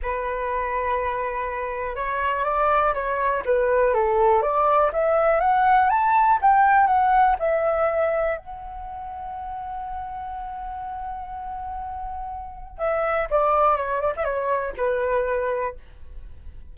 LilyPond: \new Staff \with { instrumentName = "flute" } { \time 4/4 \tempo 4 = 122 b'1 | cis''4 d''4 cis''4 b'4 | a'4 d''4 e''4 fis''4 | a''4 g''4 fis''4 e''4~ |
e''4 fis''2.~ | fis''1~ | fis''2 e''4 d''4 | cis''8 d''16 e''16 cis''4 b'2 | }